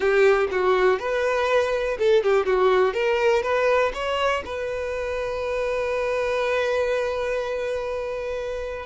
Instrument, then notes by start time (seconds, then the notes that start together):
violin
0.00 G4
0.51 F#4
0.99 B4
1.98 A4
2.23 G4
2.45 F#4
2.93 A#4
3.42 B4
3.94 C#5
4.45 B4